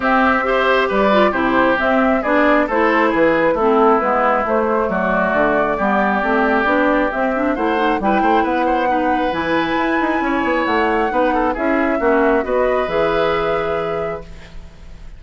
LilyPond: <<
  \new Staff \with { instrumentName = "flute" } { \time 4/4 \tempo 4 = 135 e''2 d''4 c''4 | e''4 d''4 c''4 b'4 | a'4 b'4 c''4 d''4~ | d''1 |
e''4 fis''4 g''4 fis''4~ | fis''4 gis''2. | fis''2 e''2 | dis''4 e''2. | }
  \new Staff \with { instrumentName = "oboe" } { \time 4/4 g'4 c''4 b'4 g'4~ | g'4 gis'4 a'4 gis'4 | e'2. fis'4~ | fis'4 g'2.~ |
g'4 c''4 b'8 c''8 b'8 c''8 | b'2. cis''4~ | cis''4 b'8 a'8 gis'4 fis'4 | b'1 | }
  \new Staff \with { instrumentName = "clarinet" } { \time 4/4 c'4 g'4. f'8 e'4 | c'4 d'4 e'2 | c'4 b4 a2~ | a4 b4 c'4 d'4 |
c'8 d'8 e'8 dis'8 e'2 | dis'4 e'2.~ | e'4 dis'4 e'4 cis'4 | fis'4 gis'2. | }
  \new Staff \with { instrumentName = "bassoon" } { \time 4/4 c'2 g4 c4 | c'4 b4 a4 e4 | a4 gis4 a4 fis4 | d4 g4 a4 b4 |
c'4 a4 g8 a8 b4~ | b4 e4 e'8 dis'8 cis'8 b8 | a4 b4 cis'4 ais4 | b4 e2. | }
>>